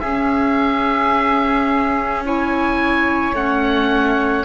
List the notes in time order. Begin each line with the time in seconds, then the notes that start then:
0.00 C#4 G#4 E5
2.25 E4 C#5 G#5
3.33 A3 C#4 F#5